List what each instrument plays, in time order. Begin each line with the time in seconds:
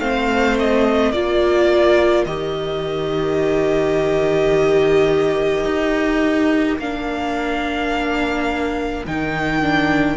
0.00 cello A3, viola C4, violin C5 F5
0.59 violin D#5
1.12 cello A#3, viola F4, violin A#4 D5
2.26 cello D#3, viola G4, violin D#5
5.65 cello D#4
6.79 cello A#3, viola D4, violin F5
9.07 cello D#3, viola D#4, violin G5
9.62 viola D4